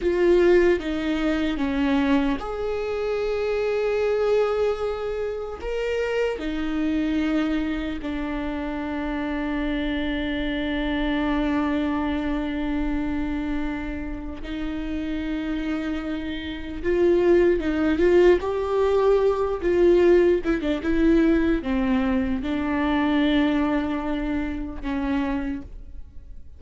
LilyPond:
\new Staff \with { instrumentName = "viola" } { \time 4/4 \tempo 4 = 75 f'4 dis'4 cis'4 gis'4~ | gis'2. ais'4 | dis'2 d'2~ | d'1~ |
d'2 dis'2~ | dis'4 f'4 dis'8 f'8 g'4~ | g'8 f'4 e'16 d'16 e'4 c'4 | d'2. cis'4 | }